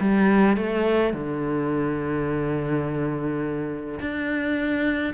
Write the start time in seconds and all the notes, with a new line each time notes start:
0.00 G3
0.56 A3
1.13 D3
4.00 D4